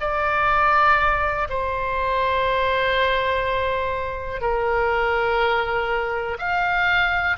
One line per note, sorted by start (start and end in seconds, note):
0.00 1.48 D5
1.49 4.41 C5
4.41 6.38 A#4
6.38 7.36 F5